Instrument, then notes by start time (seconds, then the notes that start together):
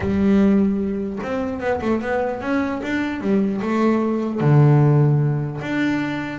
double bass
0.00 G3
1.22 C4
1.60 B3
1.81 A3
2.01 B3
2.41 C#4
2.82 D4
3.20 G3
3.61 A3
4.40 D3
5.61 D4